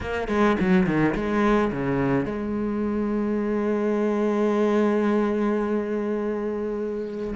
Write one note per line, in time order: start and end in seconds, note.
0.01 0.28 A#3
0.28 0.56 G#3
0.59 0.86 F#3
0.86 1.14 D#3
1.15 1.71 G#3
1.72 2.25 C#3
2.25 7.34 G#3